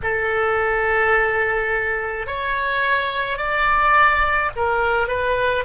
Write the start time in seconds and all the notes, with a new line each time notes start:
0.03 A4
2.26 C#5
3.37 D5
4.55 A#4
5.07 B4